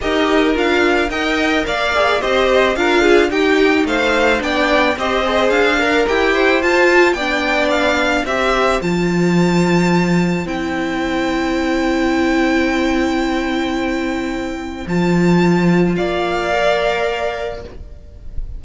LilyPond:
<<
  \new Staff \with { instrumentName = "violin" } { \time 4/4 \tempo 4 = 109 dis''4 f''4 g''4 f''4 | dis''4 f''4 g''4 f''4 | g''4 dis''4 f''4 g''4 | a''4 g''4 f''4 e''4 |
a''2. g''4~ | g''1~ | g''2. a''4~ | a''4 f''2. | }
  \new Staff \with { instrumentName = "violin" } { \time 4/4 ais'2 dis''4 d''4 | c''4 ais'8 gis'8 g'4 c''4 | d''4 c''4. ais'4 c''8~ | c''4 d''2 c''4~ |
c''1~ | c''1~ | c''1~ | c''4 d''2. | }
  \new Staff \with { instrumentName = "viola" } { \time 4/4 g'4 f'4 ais'4. gis'8 | g'4 f'4 dis'2 | d'4 g'8 gis'4 ais'8 g'4 | f'4 d'2 g'4 |
f'2. e'4~ | e'1~ | e'2. f'4~ | f'2 ais'2 | }
  \new Staff \with { instrumentName = "cello" } { \time 4/4 dis'4 d'4 dis'4 ais4 | c'4 d'4 dis'4 a4 | b4 c'4 d'4 e'4 | f'4 b2 c'4 |
f2. c'4~ | c'1~ | c'2. f4~ | f4 ais2. | }
>>